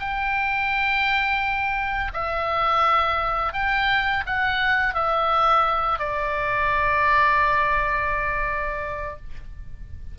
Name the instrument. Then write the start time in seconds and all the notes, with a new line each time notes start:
oboe
0.00 G5
2.13 E5
3.53 G5
4.26 F#5
4.94 E5
5.99 D5